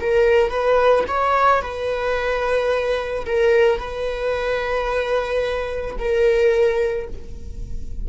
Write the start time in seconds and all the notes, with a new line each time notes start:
0.00 A#4
0.50 B4
1.07 C#5
1.62 B4
3.25 A#4
3.78 B4
5.98 A#4